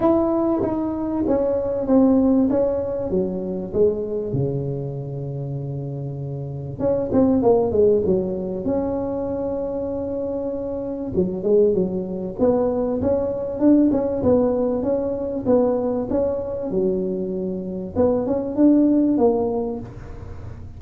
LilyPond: \new Staff \with { instrumentName = "tuba" } { \time 4/4 \tempo 4 = 97 e'4 dis'4 cis'4 c'4 | cis'4 fis4 gis4 cis4~ | cis2. cis'8 c'8 | ais8 gis8 fis4 cis'2~ |
cis'2 fis8 gis8 fis4 | b4 cis'4 d'8 cis'8 b4 | cis'4 b4 cis'4 fis4~ | fis4 b8 cis'8 d'4 ais4 | }